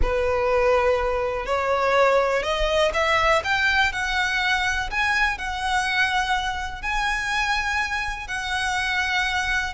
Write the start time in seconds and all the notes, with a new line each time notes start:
0.01 B4
1.45 C#5
2.43 D#5
2.93 E5
3.43 G5
3.92 F#5
4.90 G#5
5.38 F#5
6.82 G#5
8.27 F#5